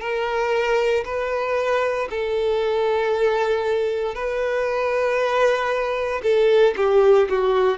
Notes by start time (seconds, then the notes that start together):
0.00 A#4
1.05 B4
2.10 A4
4.15 B4
6.23 A4
6.76 G4
7.29 F#4